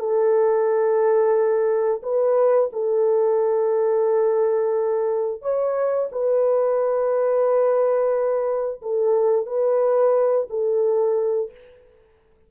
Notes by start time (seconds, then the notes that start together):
0.00 A4
2.03 B4
2.73 A4
5.42 C#5
6.12 B4
8.83 A4
9.47 B4
10.50 A4